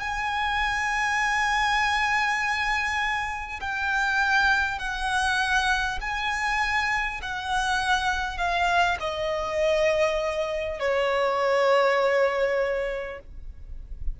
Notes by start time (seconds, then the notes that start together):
0.00 G#5
3.60 G5
4.78 F#5
6.00 G#5
7.22 F#5
8.37 F5
9.00 D#5
10.79 C#5